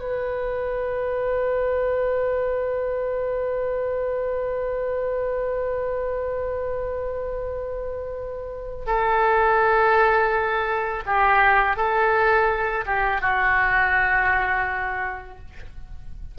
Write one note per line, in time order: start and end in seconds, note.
0.00 8.86 B4
8.87 11.03 A4
11.06 11.76 G4
11.76 12.84 A4
12.86 13.21 G4
13.21 15.38 F#4